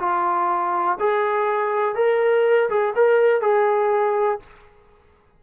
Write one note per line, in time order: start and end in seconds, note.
0.00 0.98 F4
1.00 1.96 G#4
1.96 2.69 A#4
2.70 2.95 G#4
2.96 3.42 A#4
3.42 4.40 G#4